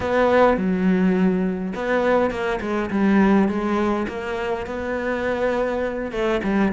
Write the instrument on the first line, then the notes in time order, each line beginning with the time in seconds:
cello
0.00 B3
0.57 F#3
1.74 B3
2.30 A#3
2.60 G#3
2.90 G3
3.48 G#3
4.08 A#3
4.66 B3
6.11 A3
6.43 G3